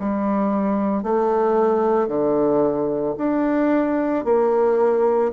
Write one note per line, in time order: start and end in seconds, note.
0.00 1.03 G3
1.03 2.08 A3
2.08 3.15 D3
3.18 4.25 D4
4.25 5.32 A#3